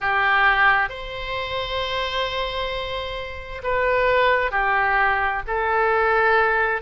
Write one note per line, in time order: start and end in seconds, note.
0.00 0.89 G4
0.89 3.62 C5
3.63 4.51 B4
4.51 5.42 G4
5.47 6.81 A4